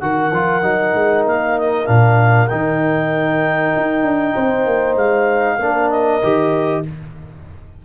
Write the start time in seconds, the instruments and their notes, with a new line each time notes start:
0.00 tuba D#3, trombone F#4, horn A#4, clarinet F#5
0.32 tuba F3, trombone F4
0.62 tuba F#3, trombone D#4
0.95 tuba G#3
1.25 tuba A#3, clarinet F5
1.58 clarinet D#5
1.86 tuba A#2, trombone D4, clarinet F5
2.48 tuba D#3, trombone D#4, clarinet G5
3.76 tuba D#4
4.03 tuba D4
4.35 tuba C4, horn C5
4.66 tuba A#3
4.96 tuba G#3, clarinet F5
5.58 tuba A#3, trombone D4, horn A#4
5.90 clarinet D#5
6.23 tuba D#3, trombone G4